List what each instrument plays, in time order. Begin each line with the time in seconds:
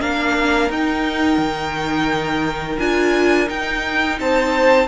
0.00 cello A#3, viola D4, violin A#4 F5
0.69 cello D#4, viola D#4, violin G5
1.37 cello D#3
2.79 cello D4, viola F4, violin G#5
3.46 viola D#4, cello D#4, violin G5
4.19 cello C4, violin C5 A5